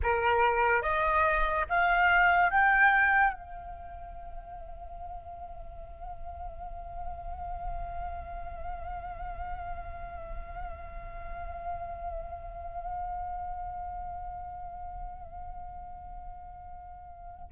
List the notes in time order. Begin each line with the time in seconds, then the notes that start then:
0.02 A#4
0.82 D#5
1.69 F5
2.50 G5
3.33 F5